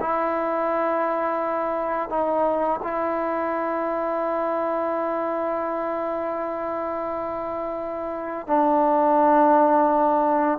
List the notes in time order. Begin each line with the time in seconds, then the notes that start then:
0.00 E4
2.10 D#4
2.83 E4
8.47 D4